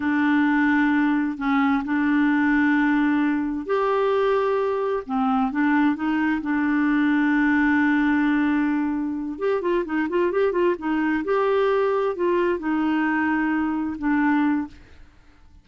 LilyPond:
\new Staff \with { instrumentName = "clarinet" } { \time 4/4 \tempo 4 = 131 d'2. cis'4 | d'1 | g'2. c'4 | d'4 dis'4 d'2~ |
d'1~ | d'8 g'8 f'8 dis'8 f'8 g'8 f'8 dis'8~ | dis'8 g'2 f'4 dis'8~ | dis'2~ dis'8 d'4. | }